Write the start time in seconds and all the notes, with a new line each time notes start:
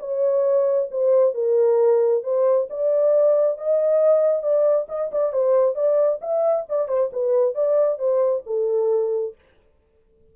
0.00 C#5
0.92 C5
1.35 A#4
2.24 C5
2.71 D5
3.58 D#5
4.43 D5
4.89 D#5
5.12 D5
5.33 C5
5.75 D5
6.22 E5
6.70 D5
6.88 C5
7.13 B4
7.55 D5
7.99 C5
8.46 A4